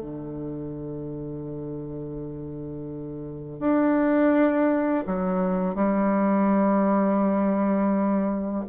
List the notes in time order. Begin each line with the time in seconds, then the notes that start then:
0.00 D3
3.59 D4
5.06 F#3
5.75 G3